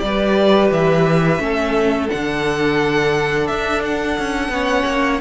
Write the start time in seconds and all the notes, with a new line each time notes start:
0.00 G3 G4 B4 D5
0.71 E3 E5
1.39 A3 C#4 A4
2.10 D3 D4 F#5
3.47 D4 E5
3.85 F#5
4.19 C#4
4.49 B3 C#4 C#5
4.86 A#3